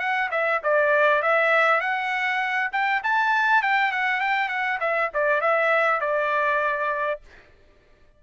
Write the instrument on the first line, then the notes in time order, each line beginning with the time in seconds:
trumpet
0.00 F#5
0.31 E5
0.64 D5
1.23 E5
1.81 F#5
2.73 G5
3.04 A5
3.63 G5
3.92 F#5
4.21 G5
4.49 F#5
4.81 E5
5.14 D5
5.42 E5
6.01 D5